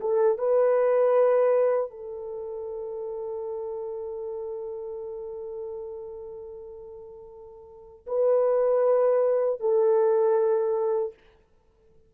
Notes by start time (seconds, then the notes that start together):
0.00 A4
0.38 B4
1.91 A4
8.06 B4
9.60 A4